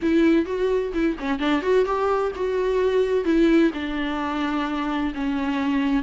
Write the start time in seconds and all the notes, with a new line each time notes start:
0.01 E4
0.45 F#4
0.93 E4
1.19 C#4
1.39 D4
1.62 F#4
1.85 G4
2.35 F#4
3.24 E4
3.73 D4
5.14 C#4